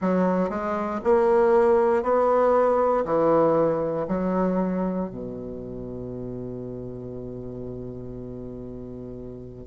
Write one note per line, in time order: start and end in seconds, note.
0.00 0.49 F#3
0.49 1.00 G#3
1.04 2.02 A#3
2.02 3.04 B3
3.05 4.06 E3
4.08 5.09 F#3
5.09 9.66 B2